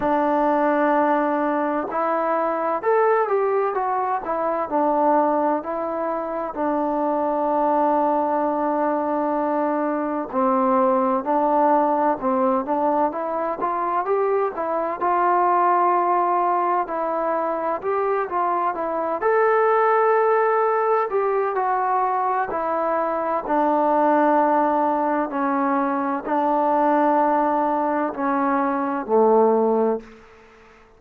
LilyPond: \new Staff \with { instrumentName = "trombone" } { \time 4/4 \tempo 4 = 64 d'2 e'4 a'8 g'8 | fis'8 e'8 d'4 e'4 d'4~ | d'2. c'4 | d'4 c'8 d'8 e'8 f'8 g'8 e'8 |
f'2 e'4 g'8 f'8 | e'8 a'2 g'8 fis'4 | e'4 d'2 cis'4 | d'2 cis'4 a4 | }